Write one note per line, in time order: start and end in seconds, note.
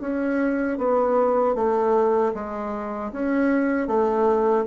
0.00 0.77 C#4
0.77 1.55 B3
1.55 2.33 A3
2.33 3.11 G#3
3.12 3.87 C#4
3.87 4.65 A3